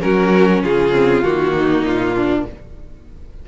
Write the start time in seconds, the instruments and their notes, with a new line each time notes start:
0.00 cello F#3, viola C#4, violin F#4 A#4
0.62 cello C#3, violin F4 G#4
0.93 viola C4
1.23 cello D#3, viola A#3, violin F#4
1.58 violin D#4
1.84 cello A#2, violin F4
2.15 violin D4